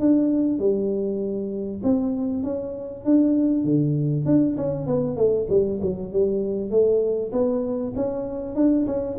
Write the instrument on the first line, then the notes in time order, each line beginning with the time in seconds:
tuba
0.00 D4
0.59 G3
1.84 C4
2.44 C#4
3.05 D4
3.64 D3
4.26 D4
4.57 C#4
4.87 B3
5.17 A3
5.50 G3
5.82 F#3
6.13 G3
6.71 A3
7.32 B3
7.96 C#4
8.56 D4
8.87 C#4